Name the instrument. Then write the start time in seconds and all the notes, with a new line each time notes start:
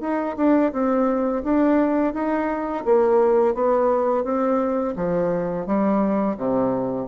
bassoon
0.00 D#4
0.37 D4
0.72 C4
1.43 D4
2.13 D#4
2.85 A#3
3.54 B3
4.24 C4
4.96 F3
5.66 G3
6.37 C3